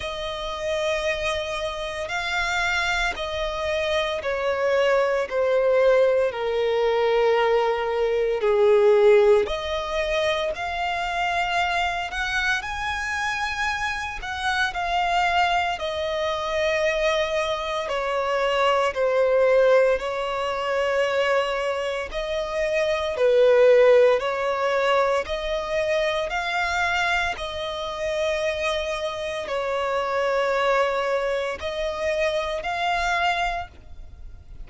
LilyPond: \new Staff \with { instrumentName = "violin" } { \time 4/4 \tempo 4 = 57 dis''2 f''4 dis''4 | cis''4 c''4 ais'2 | gis'4 dis''4 f''4. fis''8 | gis''4. fis''8 f''4 dis''4~ |
dis''4 cis''4 c''4 cis''4~ | cis''4 dis''4 b'4 cis''4 | dis''4 f''4 dis''2 | cis''2 dis''4 f''4 | }